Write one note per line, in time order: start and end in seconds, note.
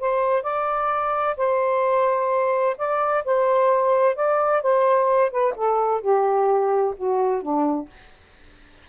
0.00 0.43 C5
0.43 1.36 D5
1.37 2.77 C5
2.78 3.24 D5
3.25 4.16 C5
4.16 4.62 D5
4.62 5.31 C5
5.31 5.54 B4
5.56 6.01 A4
6.01 6.95 G4
6.97 7.42 F#4
7.42 7.89 D4